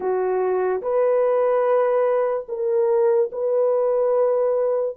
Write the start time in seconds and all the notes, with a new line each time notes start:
0.00 F#4
0.82 B4
2.48 A#4
3.31 B4